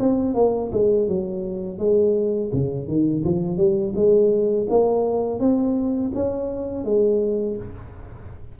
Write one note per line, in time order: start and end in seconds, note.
0.00 0.35 C4
0.35 0.71 A#3
0.73 1.08 G#3
1.08 1.79 F#3
1.79 2.51 G#3
2.53 2.88 C#3
2.88 3.24 D#3
3.24 3.58 F3
3.58 3.94 G3
3.95 4.68 G#3
4.70 5.40 A#3
5.40 6.12 C4
6.15 6.85 C#4
6.85 7.57 G#3